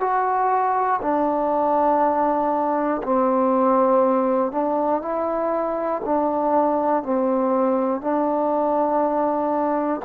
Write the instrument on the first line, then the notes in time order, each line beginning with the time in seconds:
trombone
0.00 F#4
1.02 D4
3.03 C4
4.52 D4
5.02 E4
6.05 D4
7.03 C4
8.01 D4